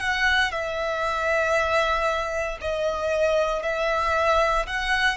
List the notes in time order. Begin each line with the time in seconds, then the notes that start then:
0.00 F#5
0.52 E5
2.61 D#5
3.63 E5
4.67 F#5